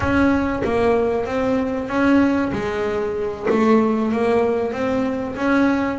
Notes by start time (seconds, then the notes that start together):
0.00 C#4
0.64 A#3
1.25 C4
1.88 C#4
2.52 G#3
3.50 A3
4.12 A#3
4.72 C4
5.36 C#4